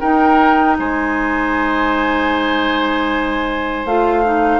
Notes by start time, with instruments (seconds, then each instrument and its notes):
0.00 clarinet D#4, bassoon D#4, oboe A#4, flute G5
0.79 bassoon G#3, oboe C5, flute G#5
3.85 bassoon A3, clarinet F4, flute F5
4.24 clarinet D#4